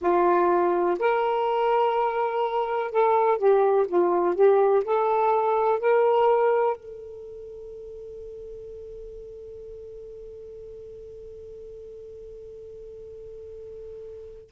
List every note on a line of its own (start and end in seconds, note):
0.01 0.98 F4
0.99 2.91 A#4
2.91 3.38 A4
3.38 3.86 G4
3.87 4.35 F4
4.35 4.83 G4
4.84 5.79 A4
5.79 6.76 A#4
6.76 14.50 A4